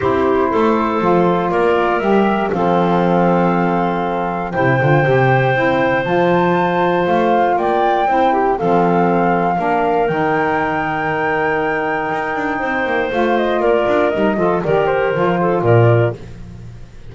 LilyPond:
<<
  \new Staff \with { instrumentName = "flute" } { \time 4/4 \tempo 4 = 119 c''2. d''4 | e''4 f''2.~ | f''4 g''2. | a''2 f''4 g''4~ |
g''4 f''2. | g''1~ | g''2 f''8 dis''8 d''4 | dis''4 d''8 c''4. d''4 | }
  \new Staff \with { instrumentName = "clarinet" } { \time 4/4 g'4 a'2 ais'4~ | ais'4 a'2.~ | a'4 c''2.~ | c''2. d''4 |
c''8 g'8 a'2 ais'4~ | ais'1~ | ais'4 c''2 ais'4~ | ais'8 a'8 ais'4. a'8 ais'4 | }
  \new Staff \with { instrumentName = "saxophone" } { \time 4/4 e'2 f'2 | g'4 c'2.~ | c'4 e'8 f'8 g'4 e'4 | f'1 |
e'4 c'2 d'4 | dis'1~ | dis'2 f'2 | dis'8 f'8 g'4 f'2 | }
  \new Staff \with { instrumentName = "double bass" } { \time 4/4 c'4 a4 f4 ais4 | g4 f2.~ | f4 c8 d8 c4 c'4 | f2 a4 ais4 |
c'4 f2 ais4 | dis1 | dis'8 d'8 c'8 ais8 a4 ais8 d'8 | g8 f8 dis4 f4 ais,4 | }
>>